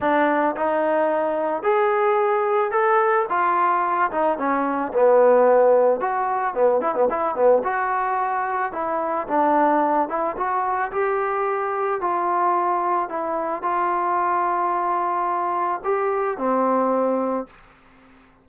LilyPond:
\new Staff \with { instrumentName = "trombone" } { \time 4/4 \tempo 4 = 110 d'4 dis'2 gis'4~ | gis'4 a'4 f'4. dis'8 | cis'4 b2 fis'4 | b8 e'16 b16 e'8 b8 fis'2 |
e'4 d'4. e'8 fis'4 | g'2 f'2 | e'4 f'2.~ | f'4 g'4 c'2 | }